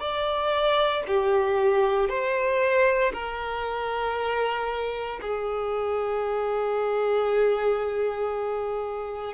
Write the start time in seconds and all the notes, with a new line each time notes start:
0.00 D5
1.07 G4
2.09 C5
3.13 A#4
5.21 G#4